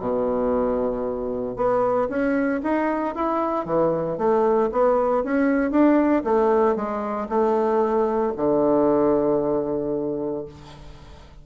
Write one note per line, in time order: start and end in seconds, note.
0.00 1.57 B2
1.57 2.09 B3
2.09 2.62 C#4
2.63 3.15 D#4
3.15 3.66 E4
3.66 4.18 E3
4.18 4.71 A3
4.72 5.24 B3
5.24 5.71 C#4
5.71 6.23 D4
6.25 6.76 A3
6.76 7.28 G#3
7.29 8.34 A3
8.37 10.46 D3